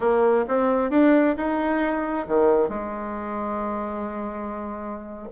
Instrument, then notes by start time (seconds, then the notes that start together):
bassoon
0.00 A#3
0.48 C4
0.90 D4
1.36 D#4
2.27 D#3
2.68 G#3